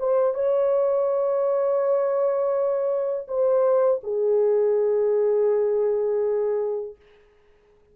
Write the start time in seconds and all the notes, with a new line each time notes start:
0.00 C5
0.35 C#5
3.28 C5
4.03 G#4